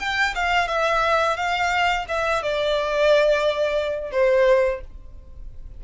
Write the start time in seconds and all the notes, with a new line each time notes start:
0.00 G5
0.35 F5
0.68 E5
1.37 F5
2.08 E5
2.43 D5
4.12 C5